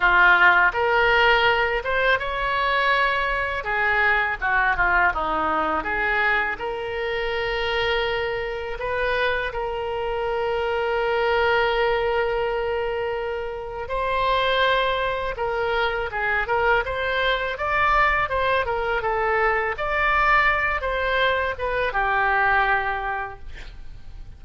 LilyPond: \new Staff \with { instrumentName = "oboe" } { \time 4/4 \tempo 4 = 82 f'4 ais'4. c''8 cis''4~ | cis''4 gis'4 fis'8 f'8 dis'4 | gis'4 ais'2. | b'4 ais'2.~ |
ais'2. c''4~ | c''4 ais'4 gis'8 ais'8 c''4 | d''4 c''8 ais'8 a'4 d''4~ | d''8 c''4 b'8 g'2 | }